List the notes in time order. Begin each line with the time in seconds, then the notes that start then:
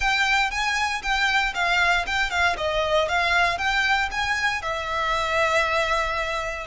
0.00 G5
0.50 G#5
1.02 G5
1.54 F5
2.06 G5
2.30 F5
2.57 D#5
3.08 F5
3.58 G5
4.11 G#5
4.62 E5